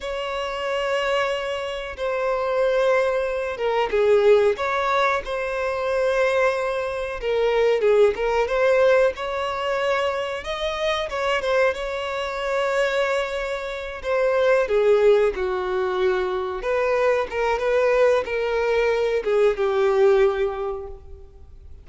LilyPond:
\new Staff \with { instrumentName = "violin" } { \time 4/4 \tempo 4 = 92 cis''2. c''4~ | c''4. ais'8 gis'4 cis''4 | c''2. ais'4 | gis'8 ais'8 c''4 cis''2 |
dis''4 cis''8 c''8 cis''2~ | cis''4. c''4 gis'4 fis'8~ | fis'4. b'4 ais'8 b'4 | ais'4. gis'8 g'2 | }